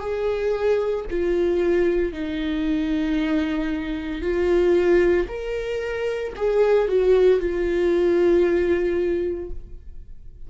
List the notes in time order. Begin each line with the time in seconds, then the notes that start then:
0.00 G#4
1.11 F4
2.13 D#4
4.22 F4
5.28 A#4
6.36 G#4
6.88 F#4
7.40 F4